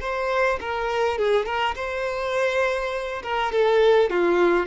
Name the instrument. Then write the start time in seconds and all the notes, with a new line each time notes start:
violin
0.00 C5
0.60 A#4
1.18 G#4
1.45 A#4
1.75 C5
3.22 A#4
3.52 A4
4.10 F4